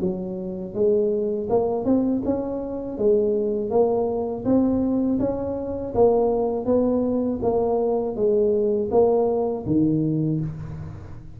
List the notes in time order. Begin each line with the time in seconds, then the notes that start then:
0.00 F#3
0.74 G#3
1.49 A#3
1.85 C4
2.25 C#4
2.98 G#3
3.70 A#3
4.45 C4
5.19 C#4
5.94 A#3
6.65 B3
7.42 A#3
8.15 G#3
8.91 A#3
9.66 D#3